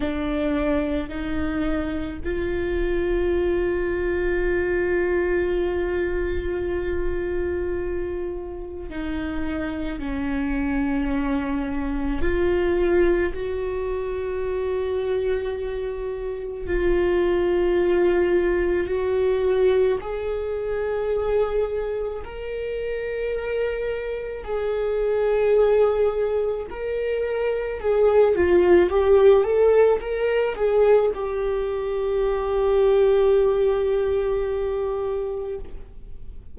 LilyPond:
\new Staff \with { instrumentName = "viola" } { \time 4/4 \tempo 4 = 54 d'4 dis'4 f'2~ | f'1 | dis'4 cis'2 f'4 | fis'2. f'4~ |
f'4 fis'4 gis'2 | ais'2 gis'2 | ais'4 gis'8 f'8 g'8 a'8 ais'8 gis'8 | g'1 | }